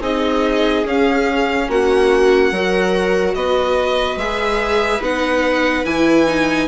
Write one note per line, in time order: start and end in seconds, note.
0.00 0.83 C4
0.00 0.84 D#4
0.00 1.67 G#4
0.00 0.86 D#5
0.85 1.68 C#4
0.85 2.53 C#4
0.85 1.70 F5
1.68 2.51 A#3
1.68 2.52 F#4
1.68 3.34 F#5
2.51 3.34 F#3
2.51 4.19 F#4
2.51 3.35 A#4
3.34 4.16 B3
3.34 6.67 B4
3.34 4.18 D#5
4.16 4.99 G#3
4.16 5.01 G#4
4.16 5.01 E5
5.00 5.84 B3
5.00 5.84 D#4
5.00 5.85 F#5
5.84 6.67 E3
5.84 6.26 E4
5.84 6.67 G#5
6.26 6.67 D#4